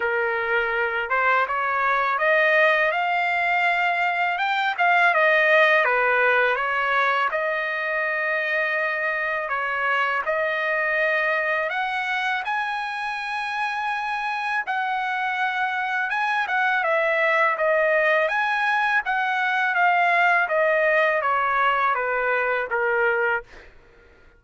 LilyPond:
\new Staff \with { instrumentName = "trumpet" } { \time 4/4 \tempo 4 = 82 ais'4. c''8 cis''4 dis''4 | f''2 g''8 f''8 dis''4 | b'4 cis''4 dis''2~ | dis''4 cis''4 dis''2 |
fis''4 gis''2. | fis''2 gis''8 fis''8 e''4 | dis''4 gis''4 fis''4 f''4 | dis''4 cis''4 b'4 ais'4 | }